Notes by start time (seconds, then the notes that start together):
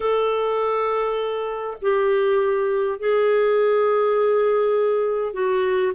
0.00 A4
1.81 G4
2.99 G#4
5.33 F#4